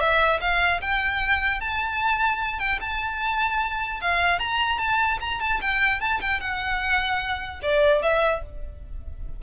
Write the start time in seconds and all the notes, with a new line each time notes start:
0.00 E5
0.41 F5
0.81 G5
1.60 A5
2.59 G5
2.80 A5
4.01 F5
4.39 A#5
4.78 A5
5.20 A#5
5.40 A5
5.61 G5
6.00 A5
6.21 G5
6.40 F#5
7.62 D5
8.02 E5